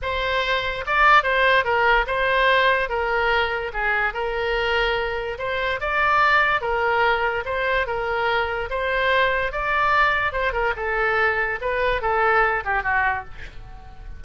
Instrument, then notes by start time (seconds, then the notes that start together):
oboe
0.02 C5
0.86 D5
1.23 C5
1.64 A#4
2.07 C5
2.89 A#4
3.73 G#4
4.13 A#4
5.38 C5
5.80 D5
6.61 A#4
7.45 C5
7.86 A#4
8.70 C5
9.52 D5
10.32 C5
10.53 A#4
10.76 A4
11.61 B4
12.01 A4
12.64 G4
12.83 F#4